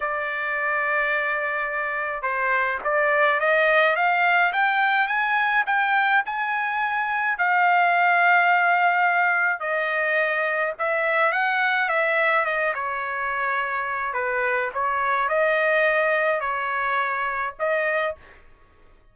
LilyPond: \new Staff \with { instrumentName = "trumpet" } { \time 4/4 \tempo 4 = 106 d''1 | c''4 d''4 dis''4 f''4 | g''4 gis''4 g''4 gis''4~ | gis''4 f''2.~ |
f''4 dis''2 e''4 | fis''4 e''4 dis''8 cis''4.~ | cis''4 b'4 cis''4 dis''4~ | dis''4 cis''2 dis''4 | }